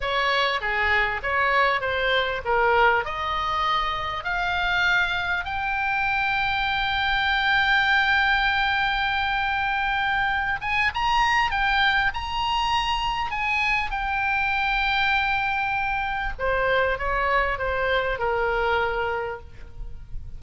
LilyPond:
\new Staff \with { instrumentName = "oboe" } { \time 4/4 \tempo 4 = 99 cis''4 gis'4 cis''4 c''4 | ais'4 dis''2 f''4~ | f''4 g''2.~ | g''1~ |
g''4. gis''8 ais''4 g''4 | ais''2 gis''4 g''4~ | g''2. c''4 | cis''4 c''4 ais'2 | }